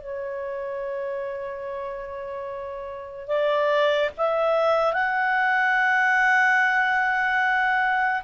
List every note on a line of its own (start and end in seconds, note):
0.00 3.28 C#5
3.28 4.10 D5
4.17 4.93 E5
4.93 8.22 F#5